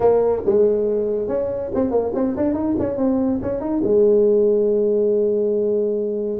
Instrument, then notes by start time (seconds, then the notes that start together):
tuba
0.00 A#3
0.45 G#3
1.28 C#4
1.74 C4
1.90 A#3
2.14 C4
2.36 D4
2.54 D#4
2.79 C#4
2.97 C4
3.42 C#4
3.60 D#4
3.83 G#3